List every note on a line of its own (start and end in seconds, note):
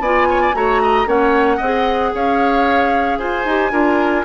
0.00 0.53 B3
0.00 0.54 F4
0.00 0.29 D5
0.00 0.56 G#5
0.30 0.42 C#5
0.42 0.55 D5
0.54 1.07 A3
0.54 1.06 F#4
0.54 0.83 C#5
0.54 1.09 A#5
0.83 1.08 D#5
1.06 1.60 A#3
1.06 1.59 C#4
1.06 1.57 C#5
1.06 2.15 F#5
1.57 2.14 C4
1.57 2.10 D#5
1.64 3.49 G#4
2.14 3.19 C#4
2.14 3.19 C#5
2.14 3.19 F5
3.19 3.45 F4
3.19 3.72 C5
3.19 4.25 G#5
3.45 3.72 D#4
3.45 3.72 G4
3.72 4.25 D4
3.72 4.25 F4
3.72 4.25 A#4